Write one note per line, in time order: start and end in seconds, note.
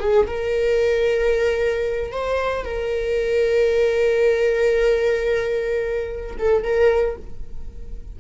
0.00 0.27 G#4
0.27 2.12 A#4
2.12 2.65 C5
2.65 6.37 A#4
6.39 6.63 A4
6.63 7.17 A#4